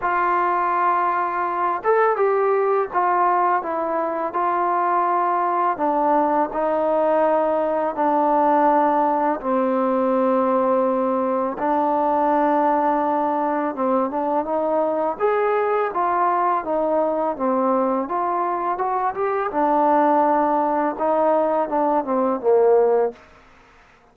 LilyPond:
\new Staff \with { instrumentName = "trombone" } { \time 4/4 \tempo 4 = 83 f'2~ f'8 a'8 g'4 | f'4 e'4 f'2 | d'4 dis'2 d'4~ | d'4 c'2. |
d'2. c'8 d'8 | dis'4 gis'4 f'4 dis'4 | c'4 f'4 fis'8 g'8 d'4~ | d'4 dis'4 d'8 c'8 ais4 | }